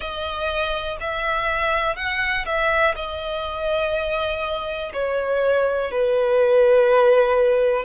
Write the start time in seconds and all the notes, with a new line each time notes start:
0.00 D#5
1.00 E5
1.96 F#5
2.45 E5
2.95 D#5
4.93 C#5
5.91 B4